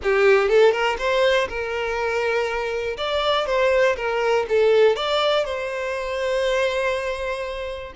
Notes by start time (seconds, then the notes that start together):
0.02 G4
0.48 A4
0.72 A#4
0.98 C5
1.48 A#4
2.97 D5
3.46 C5
3.96 A#4
4.49 A4
4.96 D5
5.44 C5